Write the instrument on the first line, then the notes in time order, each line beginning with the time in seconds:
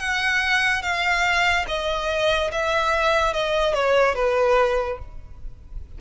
violin
0.00 F#5
0.83 F5
1.68 D#5
2.52 E5
3.34 D#5
3.74 C#5
4.16 B4